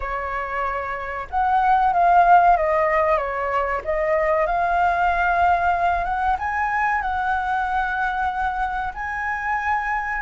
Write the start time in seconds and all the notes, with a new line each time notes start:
0.00 C#5
1.30 F#5
1.93 F5
2.56 D#5
3.17 C#5
3.84 D#5
4.46 F5
6.04 F#5
6.38 G#5
7.01 F#5
8.94 G#5